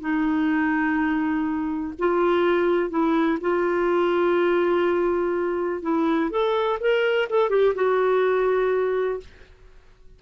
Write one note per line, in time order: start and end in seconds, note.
0.00 1.94 D#4
1.99 2.90 F4
2.90 3.38 E4
3.41 5.82 F4
5.82 6.30 E4
6.30 6.79 A4
6.80 7.28 A#4
7.30 7.50 A4
7.50 7.74 G4
7.75 9.20 F#4